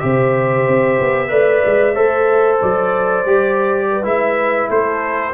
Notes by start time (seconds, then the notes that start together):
0.00 C3 G4 C5 E5
0.67 C4
1.00 B3
1.28 A3 B4 D5
1.65 G#3
1.95 A3 A4 C5
2.61 F#3 D5
3.25 G3 G4
3.91 B4
4.03 G#3 E4 E5
4.70 A3 A4 C5